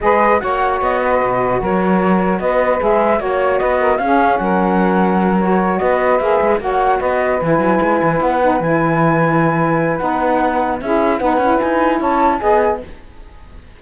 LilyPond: <<
  \new Staff \with { instrumentName = "flute" } { \time 4/4 \tempo 4 = 150 dis''4 fis''4 dis''2 | cis''2 dis''4 e''4 | cis''4 dis''4 f''4 fis''4~ | fis''4. cis''4 dis''4 e''8~ |
e''8 fis''4 dis''4 gis''4.~ | gis''8 fis''4 gis''2~ gis''8~ | gis''4 fis''2 e''4 | fis''4 gis''4 a''4 gis''4 | }
  \new Staff \with { instrumentName = "saxophone" } { \time 4/4 b'4 cis''4. b'4. | ais'2 b'2 | cis''4 b'8 ais'8 gis'4 ais'4~ | ais'2~ ais'8 b'4.~ |
b'8 cis''4 b'2~ b'8~ | b'1~ | b'2. gis'4 | b'2 cis''4 dis''4 | }
  \new Staff \with { instrumentName = "saxophone" } { \time 4/4 gis'4 fis'2.~ | fis'2. gis'4 | fis'2 cis'2~ | cis'4. fis'2 gis'8~ |
gis'8 fis'2 e'4.~ | e'4 dis'8 e'2~ e'8~ | e'4 dis'2 e'4 | dis'8 e'2~ e'8 gis'4 | }
  \new Staff \with { instrumentName = "cello" } { \time 4/4 gis4 ais4 b4 b,4 | fis2 b4 gis4 | ais4 b4 cis'4 fis4~ | fis2~ fis8 b4 ais8 |
gis8 ais4 b4 e8 fis8 gis8 | e8 b4 e2~ e8~ | e4 b2 cis'4 | b8 cis'8 dis'4 cis'4 b4 | }
>>